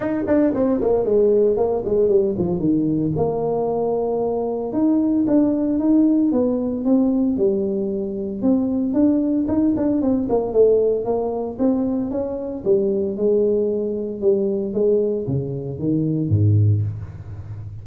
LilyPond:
\new Staff \with { instrumentName = "tuba" } { \time 4/4 \tempo 4 = 114 dis'8 d'8 c'8 ais8 gis4 ais8 gis8 | g8 f8 dis4 ais2~ | ais4 dis'4 d'4 dis'4 | b4 c'4 g2 |
c'4 d'4 dis'8 d'8 c'8 ais8 | a4 ais4 c'4 cis'4 | g4 gis2 g4 | gis4 cis4 dis4 gis,4 | }